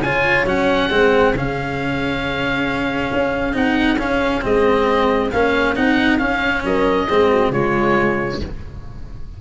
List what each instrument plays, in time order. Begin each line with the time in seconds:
0.00 tuba C#3, cello F4, horn C#5, oboe G#5
0.44 tuba F#3, cello C#4, oboe F#5
0.90 tuba G#3, cello C4, horn G#4
1.33 tuba C#3, cello C#4, oboe F5
3.13 tuba C#4
3.53 tuba C4, cello D#4, oboe F#5
3.97 tuba C#4, cello C#4, oboe F5
4.41 tuba G#3, cello C4, oboe D#5
5.31 tuba A#3, cello C#4, oboe F5
5.75 tuba C4, cello D#4, oboe F#5
6.18 cello C#4, tuba C#4, oboe F5
6.64 tuba F#3, horn A#4, oboe D#5
7.08 tuba G#3, cello C4, horn G#4
7.31 horn F#4
7.50 tuba C#3, cello G#3, horn F4, oboe C#5